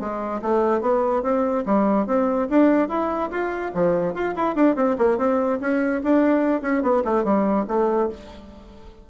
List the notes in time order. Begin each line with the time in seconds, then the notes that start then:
0.00 G#3
0.42 A3
0.81 B3
1.23 C4
1.66 G3
2.07 C4
2.50 D4
2.89 E4
3.31 F4
3.74 F3
4.14 F4
4.36 E4
4.56 D4
4.76 C4
4.99 A#3
5.18 C4
5.61 C#4
6.04 D4
6.62 C#4
6.83 B3
7.05 A3
7.25 G3
7.68 A3